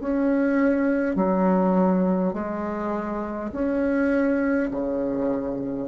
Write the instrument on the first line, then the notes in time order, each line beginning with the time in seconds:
bassoon
0.00 C#4
1.16 F#3
2.33 G#3
3.52 C#4
4.71 C#3